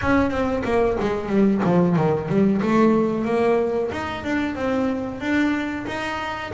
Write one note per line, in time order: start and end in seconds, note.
0.01 0.30 C#4
0.30 0.63 C4
0.64 0.97 A#3
1.00 1.29 G#3
1.29 1.61 G3
1.64 1.96 F3
1.96 2.28 D#3
2.28 2.61 G3
2.61 3.24 A3
3.24 3.90 A#3
3.91 4.24 D#4
4.24 4.55 D4
4.55 5.20 C4
5.20 5.85 D4
5.87 6.52 D#4